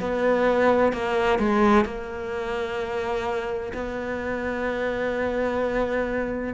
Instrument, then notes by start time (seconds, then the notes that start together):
cello
0.00 B3
0.93 A#3
1.39 G#3
1.85 A#3
3.73 B3